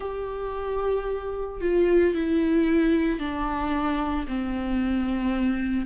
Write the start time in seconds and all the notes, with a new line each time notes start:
0.00 G4
1.61 F4
2.14 E4
3.19 D4
4.27 C4